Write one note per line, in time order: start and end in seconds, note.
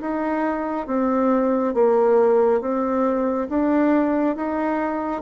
0.00 0.87 D#4
0.87 1.74 C4
1.74 2.60 A#3
2.61 3.48 C4
3.49 4.36 D4
4.36 5.21 D#4